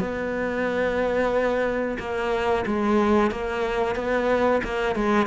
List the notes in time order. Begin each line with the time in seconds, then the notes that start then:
0.00 B3
1.99 A#3
2.66 G#3
3.31 A#3
3.96 B3
4.64 A#3
4.95 G#3